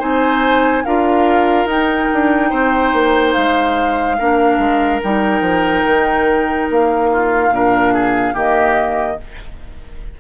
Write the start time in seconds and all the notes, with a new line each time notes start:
0.00 C4 D#4 C5 G#5
0.85 D4 F4 A#4 F5
1.66 D#4 G5
2.14 D4
2.50 C4 C5
2.94 A#3
3.34 G#3 F5
4.19 A#3 D4 A#4
4.59 G#3
5.03 G3 D#4 G5
5.41 F3
5.85 D#3
6.70 A#3 F5
7.12 F4
7.51 A#2 D4 A#4
7.94 G#4
8.34 D#3 A#3 G4 D#5